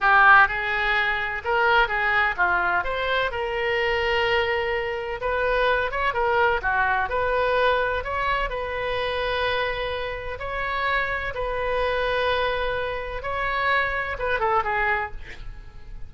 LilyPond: \new Staff \with { instrumentName = "oboe" } { \time 4/4 \tempo 4 = 127 g'4 gis'2 ais'4 | gis'4 f'4 c''4 ais'4~ | ais'2. b'4~ | b'8 cis''8 ais'4 fis'4 b'4~ |
b'4 cis''4 b'2~ | b'2 cis''2 | b'1 | cis''2 b'8 a'8 gis'4 | }